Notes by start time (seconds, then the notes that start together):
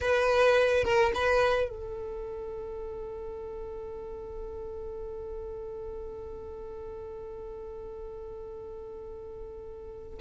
0.00 B4
0.83 A#4
1.14 B4
1.69 A4